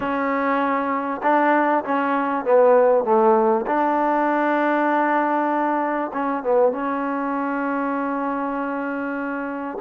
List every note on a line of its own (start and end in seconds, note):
0.00 1.21 C#4
1.22 1.84 D4
1.84 2.44 C#4
2.44 3.04 B3
3.04 3.65 A3
3.66 6.11 D4
6.13 6.43 C#4
6.43 6.72 B3
6.72 9.78 C#4